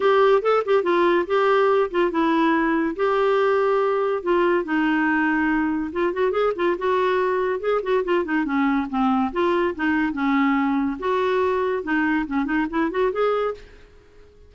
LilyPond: \new Staff \with { instrumentName = "clarinet" } { \time 4/4 \tempo 4 = 142 g'4 a'8 g'8 f'4 g'4~ | g'8 f'8 e'2 g'4~ | g'2 f'4 dis'4~ | dis'2 f'8 fis'8 gis'8 f'8 |
fis'2 gis'8 fis'8 f'8 dis'8 | cis'4 c'4 f'4 dis'4 | cis'2 fis'2 | dis'4 cis'8 dis'8 e'8 fis'8 gis'4 | }